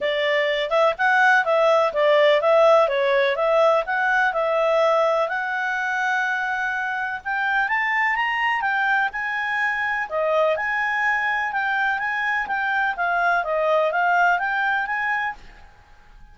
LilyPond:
\new Staff \with { instrumentName = "clarinet" } { \time 4/4 \tempo 4 = 125 d''4. e''8 fis''4 e''4 | d''4 e''4 cis''4 e''4 | fis''4 e''2 fis''4~ | fis''2. g''4 |
a''4 ais''4 g''4 gis''4~ | gis''4 dis''4 gis''2 | g''4 gis''4 g''4 f''4 | dis''4 f''4 g''4 gis''4 | }